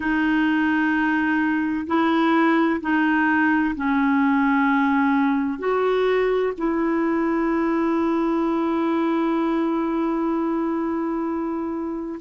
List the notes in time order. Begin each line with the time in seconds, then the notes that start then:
0.00 D#4
1.86 E4
2.80 D#4
3.75 C#4
5.59 F#4
6.57 E4